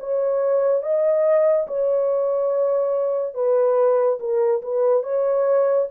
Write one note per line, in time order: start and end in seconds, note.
0.00 0.83 C#5
0.83 1.67 D#5
1.68 3.35 C#5
3.35 4.19 B4
4.20 4.62 A#4
4.63 5.03 B4
5.03 5.88 C#5